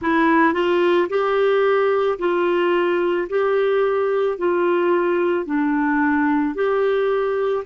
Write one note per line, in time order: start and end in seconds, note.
0.01 0.53 E4
0.53 1.08 F4
1.09 2.18 G4
2.18 3.27 F4
3.29 4.37 G4
4.37 5.45 F4
5.45 6.55 D4
6.55 7.64 G4